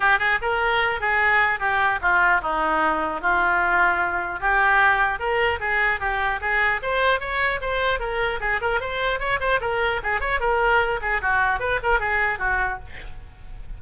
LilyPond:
\new Staff \with { instrumentName = "oboe" } { \time 4/4 \tempo 4 = 150 g'8 gis'8 ais'4. gis'4. | g'4 f'4 dis'2 | f'2. g'4~ | g'4 ais'4 gis'4 g'4 |
gis'4 c''4 cis''4 c''4 | ais'4 gis'8 ais'8 c''4 cis''8 c''8 | ais'4 gis'8 cis''8 ais'4. gis'8 | fis'4 b'8 ais'8 gis'4 fis'4 | }